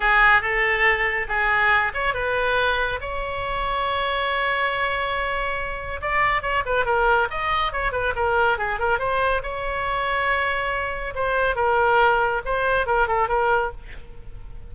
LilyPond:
\new Staff \with { instrumentName = "oboe" } { \time 4/4 \tempo 4 = 140 gis'4 a'2 gis'4~ | gis'8 cis''8 b'2 cis''4~ | cis''1~ | cis''2 d''4 cis''8 b'8 |
ais'4 dis''4 cis''8 b'8 ais'4 | gis'8 ais'8 c''4 cis''2~ | cis''2 c''4 ais'4~ | ais'4 c''4 ais'8 a'8 ais'4 | }